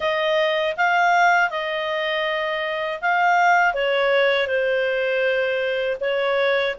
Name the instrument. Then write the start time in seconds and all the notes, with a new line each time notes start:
clarinet
0.00 D#5
0.76 F5
1.50 D#5
3.01 F5
3.73 C#5
4.47 C5
6.00 C#5